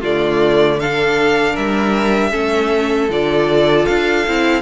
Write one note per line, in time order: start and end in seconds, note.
0.00 1.56 D3
0.00 0.80 A3
0.00 0.77 F4
0.00 0.79 D5
0.79 2.31 D4
0.79 1.52 A4
0.79 1.56 F5
1.52 2.32 G3
1.52 2.29 A#4
1.52 3.10 E5
2.31 3.09 A3
2.31 3.08 C#4
2.31 4.62 A4
3.09 3.86 D3
3.09 4.25 F4
3.09 3.85 D5
3.85 4.27 D4
3.85 4.62 F5
4.27 4.62 C4
4.27 4.62 E4